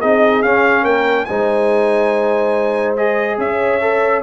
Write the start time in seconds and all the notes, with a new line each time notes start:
0.00 C4 D#4 G#4 D#5
0.42 C#4 F5
0.83 A#3 A#4 G5
1.25 G#3 D#4 C5 G#5
2.96 G#4 D#5
3.38 C#4 C#5 E5
3.81 A4